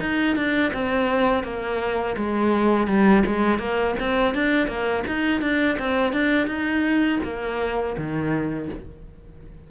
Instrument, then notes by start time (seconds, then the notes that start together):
cello
0.00 D#4
0.36 D4
0.73 C4
1.44 A#3
2.17 G#3
2.87 G3
3.26 G#3
3.58 A#3
3.99 C4
4.34 D4
4.67 A#3
5.07 D#4
5.41 D4
5.79 C4
6.12 D4
6.47 D#4
7.23 A#3
7.97 D#3